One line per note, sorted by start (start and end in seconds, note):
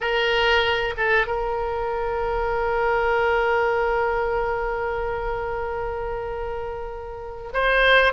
0.00 0.94 A#4
0.97 1.27 A4
1.27 7.52 A#4
7.53 8.13 C5